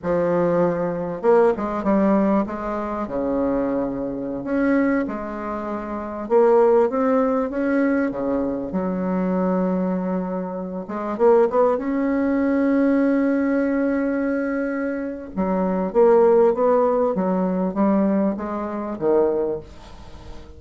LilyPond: \new Staff \with { instrumentName = "bassoon" } { \time 4/4 \tempo 4 = 98 f2 ais8 gis8 g4 | gis4 cis2~ cis16 cis'8.~ | cis'16 gis2 ais4 c'8.~ | c'16 cis'4 cis4 fis4.~ fis16~ |
fis4.~ fis16 gis8 ais8 b8 cis'8.~ | cis'1~ | cis'4 fis4 ais4 b4 | fis4 g4 gis4 dis4 | }